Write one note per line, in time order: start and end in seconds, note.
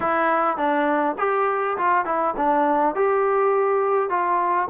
0.00 0.57 E4
0.57 1.16 D4
1.18 1.77 G4
1.77 2.05 F4
2.05 2.34 E4
2.37 2.95 D4
2.95 4.09 G4
4.09 4.68 F4